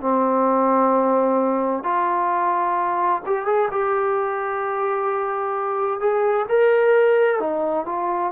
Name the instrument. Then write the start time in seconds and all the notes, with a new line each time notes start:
trombone
0.00 C4
1.83 F4
3.26 G4
3.45 G#4
3.71 G4
6.00 G#4
6.49 A#4
7.39 D#4
7.85 F4